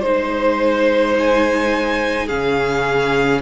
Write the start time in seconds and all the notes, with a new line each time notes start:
0.00 G#3 D#4 C5
1.18 G#5
2.25 C#3 C#4 G#4 F5